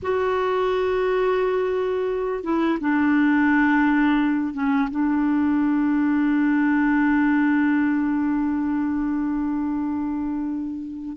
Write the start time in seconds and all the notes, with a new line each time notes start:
0.02 F#4
2.43 E4
2.80 D4
4.53 C#4
4.90 D4